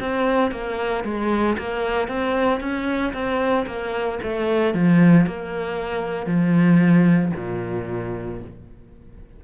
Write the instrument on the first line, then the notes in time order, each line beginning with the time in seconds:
cello
0.00 C4
0.51 A#3
1.04 G#3
1.58 A#3
2.08 C4
2.60 C#4
3.13 C4
3.66 A#3
4.22 A3
4.74 F3
5.26 A#3
6.26 F3
7.36 A#2